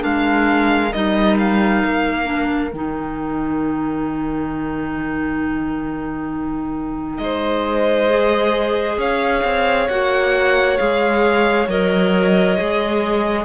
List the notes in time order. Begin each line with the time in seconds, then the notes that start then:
0.00 G#3 D4 A#4 F5
0.93 G3 D#4 D#5
1.38 F5
1.85 A#3
2.25 D4
2.73 D#3 D#4 G5
7.18 G#3 C5 D#5
8.10 G#4
8.98 C#4 C#5 F5
9.44 C4
9.89 A#3 F#4 F#5
10.78 G#3 G#4 F5
11.68 F#3 A#4 D#5
12.57 G#3 G#4